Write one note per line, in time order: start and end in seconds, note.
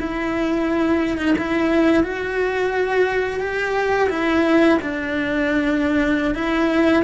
0.00 1.18 E4
1.18 1.35 D#4
1.38 2.03 E4
2.03 3.40 F#4
3.40 4.09 G4
4.10 4.79 E4
4.82 6.35 D4
6.35 7.04 E4